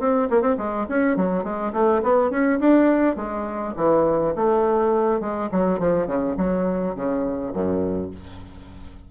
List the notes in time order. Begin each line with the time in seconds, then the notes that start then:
0.00 C4
0.30 A#3
0.42 C4
0.58 G#3
0.89 C#4
1.17 F#3
1.44 G#3
1.73 A3
2.03 B3
2.31 C#4
2.60 D4
3.17 G#3
3.77 E3
4.36 A3
5.21 G#3
5.52 F#3
5.80 F3
6.07 C#3
6.38 F#3
6.96 C#3
7.53 F#2